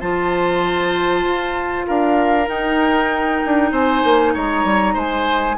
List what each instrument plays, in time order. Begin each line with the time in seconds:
0.00 bassoon F3, clarinet F4, oboe C5, flute A5
1.24 bassoon F4
1.86 bassoon D4, oboe A#4, flute F5
2.46 clarinet D#4, bassoon D#4, flute G5
3.45 bassoon D4
3.71 bassoon C4, oboe C5, flute G#5
4.04 bassoon A#3
4.34 bassoon G#3, oboe C#5, flute A#5
4.64 bassoon G3
4.94 bassoon G#3, oboe C5, flute G#5